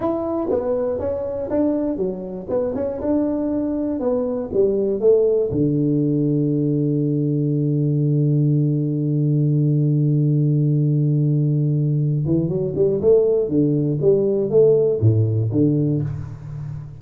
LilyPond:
\new Staff \with { instrumentName = "tuba" } { \time 4/4 \tempo 4 = 120 e'4 b4 cis'4 d'4 | fis4 b8 cis'8 d'2 | b4 g4 a4 d4~ | d1~ |
d1~ | d1~ | d8 e8 fis8 g8 a4 d4 | g4 a4 a,4 d4 | }